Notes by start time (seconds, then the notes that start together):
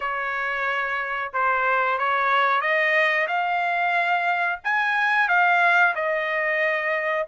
0.00 C#5
1.33 C5
1.98 C#5
2.61 D#5
3.27 F5
4.64 G#5
5.28 F5
5.95 D#5